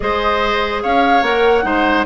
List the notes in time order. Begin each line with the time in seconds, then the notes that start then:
0.00 G#3 G#4 C5 D#5
0.82 C#4 C#5 F5
1.21 A#3 A#4 F#5
1.63 G#3 D#4 C5